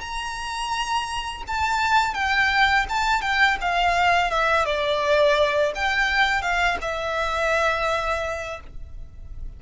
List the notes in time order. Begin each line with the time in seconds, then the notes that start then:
0.00 A#5
1.47 A5
2.14 G5
2.89 A5
3.21 G5
3.61 F5
4.30 E5
4.65 D5
5.75 G5
6.42 F5
6.81 E5